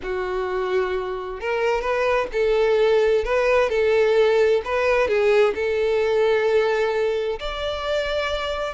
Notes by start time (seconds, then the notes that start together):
0.02 F#4
1.40 A#4
1.81 B4
2.32 A4
3.24 B4
3.69 A4
4.64 B4
5.07 G#4
5.54 A4
7.39 D5